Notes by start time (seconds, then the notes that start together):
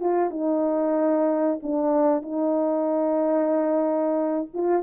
0.00 F4
0.30 D#4
1.62 D4
2.22 D#4
4.53 F4